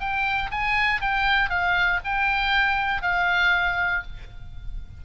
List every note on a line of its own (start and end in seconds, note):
0.00 0.50 G5
0.51 1.01 G#5
1.01 1.49 G5
1.49 2.00 F5
2.04 3.02 G5
3.02 4.03 F5